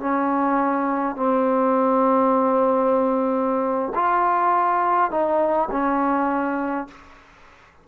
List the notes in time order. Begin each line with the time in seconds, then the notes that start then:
0.00 C#4
1.16 C4
3.95 F4
5.11 D#4
5.71 C#4